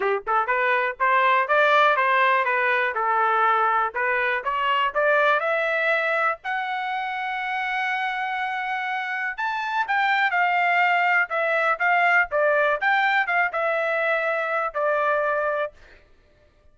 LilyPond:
\new Staff \with { instrumentName = "trumpet" } { \time 4/4 \tempo 4 = 122 g'8 a'8 b'4 c''4 d''4 | c''4 b'4 a'2 | b'4 cis''4 d''4 e''4~ | e''4 fis''2.~ |
fis''2. a''4 | g''4 f''2 e''4 | f''4 d''4 g''4 f''8 e''8~ | e''2 d''2 | }